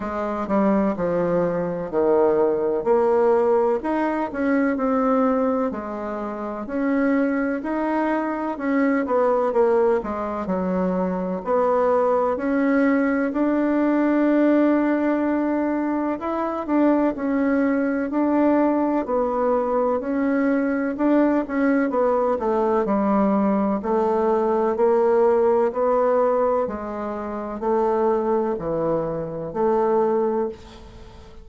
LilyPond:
\new Staff \with { instrumentName = "bassoon" } { \time 4/4 \tempo 4 = 63 gis8 g8 f4 dis4 ais4 | dis'8 cis'8 c'4 gis4 cis'4 | dis'4 cis'8 b8 ais8 gis8 fis4 | b4 cis'4 d'2~ |
d'4 e'8 d'8 cis'4 d'4 | b4 cis'4 d'8 cis'8 b8 a8 | g4 a4 ais4 b4 | gis4 a4 e4 a4 | }